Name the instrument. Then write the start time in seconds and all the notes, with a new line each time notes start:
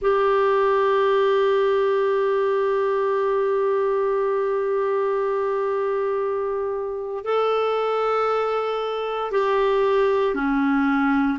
clarinet
0.01 G4
7.24 A4
9.31 G4
10.34 C#4